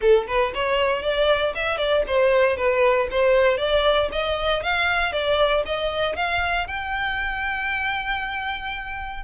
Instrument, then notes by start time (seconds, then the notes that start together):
violin
0.01 A4
0.27 B4
0.54 C#5
1.02 D5
1.55 E5
1.77 D5
2.07 C5
2.56 B4
3.10 C5
3.57 D5
4.12 D#5
4.62 F5
5.12 D5
5.65 D#5
6.15 F5
6.67 G5